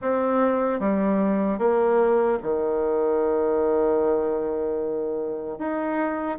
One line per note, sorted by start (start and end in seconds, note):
0.01 0.79 C4
0.79 1.58 G3
1.58 2.38 A#3
2.42 5.58 D#3
5.58 6.38 D#4